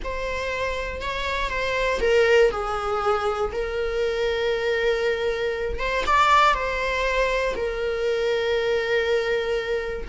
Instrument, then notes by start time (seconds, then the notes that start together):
viola
0.03 C5
1.01 C#5
1.49 C5
2.01 A#4
2.50 G#4
3.52 A#4
5.79 C5
6.06 D5
6.53 C5
7.55 A#4